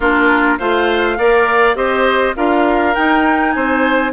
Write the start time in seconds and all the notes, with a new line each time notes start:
0.00 A#3 D4 F4 A#4
0.58 A3 F4 C5 F5
1.17 A#3 A#4 D5
1.75 C4 G4 C5 D#5
2.35 D4 F4 A#4 F5
2.94 D#4 G5
3.52 C4 C5 G#5